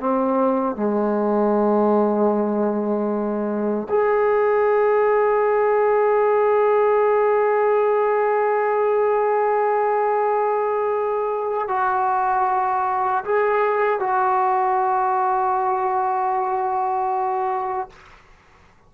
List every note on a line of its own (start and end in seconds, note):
0.00 0.76 C4
0.76 3.88 G#3
3.90 11.68 G#4
11.68 13.24 F#4
13.25 14.00 G#4
14.00 17.89 F#4